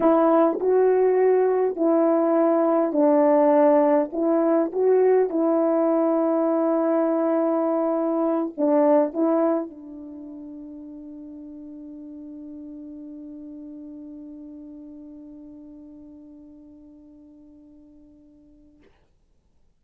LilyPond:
\new Staff \with { instrumentName = "horn" } { \time 4/4 \tempo 4 = 102 e'4 fis'2 e'4~ | e'4 d'2 e'4 | fis'4 e'2.~ | e'2~ e'8 d'4 e'8~ |
e'8 d'2.~ d'8~ | d'1~ | d'1~ | d'1 | }